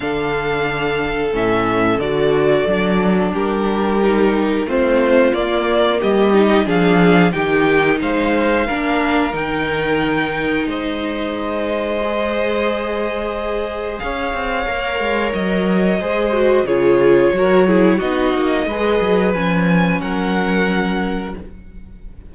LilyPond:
<<
  \new Staff \with { instrumentName = "violin" } { \time 4/4 \tempo 4 = 90 f''2 e''4 d''4~ | d''4 ais'2 c''4 | d''4 dis''4 f''4 g''4 | f''2 g''2 |
dis''1~ | dis''4 f''2 dis''4~ | dis''4 cis''2 dis''4~ | dis''4 gis''4 fis''2 | }
  \new Staff \with { instrumentName = "violin" } { \time 4/4 a'1~ | a'4 g'2 f'4~ | f'4 g'4 gis'4 g'4 | c''4 ais'2. |
c''1~ | c''4 cis''2. | c''4 gis'4 ais'8 gis'8 fis'4 | b'2 ais'2 | }
  \new Staff \with { instrumentName = "viola" } { \time 4/4 d'2 cis'4 fis'4 | d'2 dis'4 c'4 | ais4. dis'8 d'4 dis'4~ | dis'4 d'4 dis'2~ |
dis'2 gis'2~ | gis'2 ais'2 | gis'8 fis'8 f'4 fis'8 e'8 dis'4 | gis'4 cis'2. | }
  \new Staff \with { instrumentName = "cello" } { \time 4/4 d2 a,4 d4 | fis4 g2 a4 | ais4 g4 f4 dis4 | gis4 ais4 dis2 |
gis1~ | gis4 cis'8 c'8 ais8 gis8 fis4 | gis4 cis4 fis4 b8 ais8 | gis8 fis8 f4 fis2 | }
>>